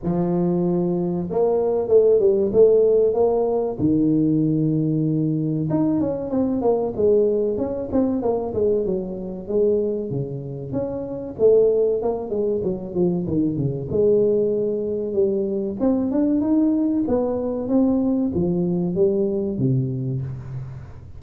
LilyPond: \new Staff \with { instrumentName = "tuba" } { \time 4/4 \tempo 4 = 95 f2 ais4 a8 g8 | a4 ais4 dis2~ | dis4 dis'8 cis'8 c'8 ais8 gis4 | cis'8 c'8 ais8 gis8 fis4 gis4 |
cis4 cis'4 a4 ais8 gis8 | fis8 f8 dis8 cis8 gis2 | g4 c'8 d'8 dis'4 b4 | c'4 f4 g4 c4 | }